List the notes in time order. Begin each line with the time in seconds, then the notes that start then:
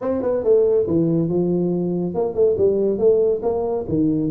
0.01 C4
0.22 B3
0.43 A3
0.87 E3
1.28 F3
2.14 A#3
2.34 A3
2.57 G3
2.98 A3
3.42 A#3
3.88 D#3